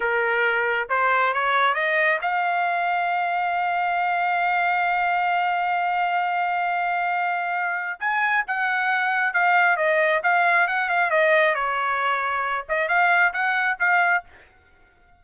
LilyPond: \new Staff \with { instrumentName = "trumpet" } { \time 4/4 \tempo 4 = 135 ais'2 c''4 cis''4 | dis''4 f''2.~ | f''1~ | f''1~ |
f''2 gis''4 fis''4~ | fis''4 f''4 dis''4 f''4 | fis''8 f''8 dis''4 cis''2~ | cis''8 dis''8 f''4 fis''4 f''4 | }